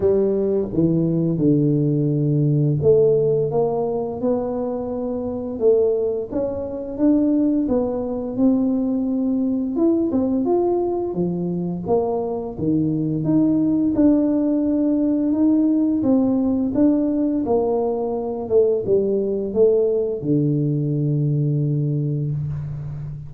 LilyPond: \new Staff \with { instrumentName = "tuba" } { \time 4/4 \tempo 4 = 86 g4 e4 d2 | a4 ais4 b2 | a4 cis'4 d'4 b4 | c'2 e'8 c'8 f'4 |
f4 ais4 dis4 dis'4 | d'2 dis'4 c'4 | d'4 ais4. a8 g4 | a4 d2. | }